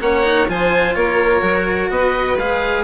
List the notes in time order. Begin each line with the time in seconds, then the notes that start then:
0.00 A#3 C#4 C#5 F#5
0.23 D#4
0.48 F3 F4 C5 G#5
0.95 A#3 A#4 C#5
1.41 F#3 F#4
1.89 B3 B4 D#5
2.37 G#3 G#4 F5